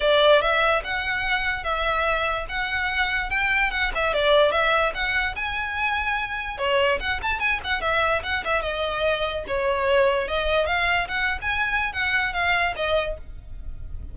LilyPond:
\new Staff \with { instrumentName = "violin" } { \time 4/4 \tempo 4 = 146 d''4 e''4 fis''2 | e''2 fis''2 | g''4 fis''8 e''8 d''4 e''4 | fis''4 gis''2. |
cis''4 fis''8 a''8 gis''8 fis''8 e''4 | fis''8 e''8 dis''2 cis''4~ | cis''4 dis''4 f''4 fis''8. gis''16~ | gis''4 fis''4 f''4 dis''4 | }